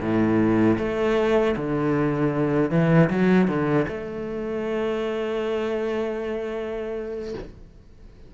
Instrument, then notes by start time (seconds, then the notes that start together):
cello
0.00 A2
0.78 A3
1.56 D3
2.70 E3
3.09 F#3
3.48 D3
3.87 A3